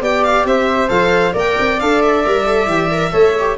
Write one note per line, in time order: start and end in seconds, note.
0.00 0.44 B3
0.00 0.88 G4
0.00 0.46 D5
0.00 0.23 G5
0.23 0.46 F5
0.44 0.88 C4
0.44 1.32 C5
0.44 0.89 E5
0.88 1.34 F3
0.88 1.32 A4
0.88 1.33 F5
1.32 1.56 A#3
1.32 1.77 A#4
1.32 3.10 D5
1.38 1.80 G5
1.59 1.81 C4
1.80 2.25 D4
1.80 2.25 A4
1.80 2.01 F5
2.01 3.57 E5
2.25 2.66 G3
2.25 2.45 A#4
2.45 2.67 A4
2.66 3.11 E3
2.66 2.90 G4
2.91 3.12 A#4
3.12 3.57 A3
3.12 3.34 A4
3.12 3.56 C#5
3.39 3.57 G4